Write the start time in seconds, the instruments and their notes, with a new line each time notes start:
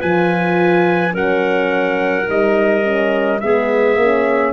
0.00 tuba F3, horn F4, clarinet B4, trumpet G#5
1.12 tuba F#3, horn C#4, clarinet A#4, trumpet F#5
2.26 tuba G3, horn D#4, trumpet D#5
2.84 horn C#4
3.41 tuba G#3, horn B3, clarinet G#4, trumpet E5
3.96 tuba A#3, horn C#4